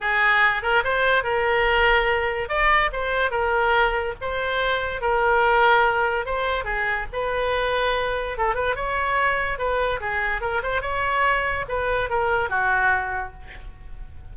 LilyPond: \new Staff \with { instrumentName = "oboe" } { \time 4/4 \tempo 4 = 144 gis'4. ais'8 c''4 ais'4~ | ais'2 d''4 c''4 | ais'2 c''2 | ais'2. c''4 |
gis'4 b'2. | a'8 b'8 cis''2 b'4 | gis'4 ais'8 c''8 cis''2 | b'4 ais'4 fis'2 | }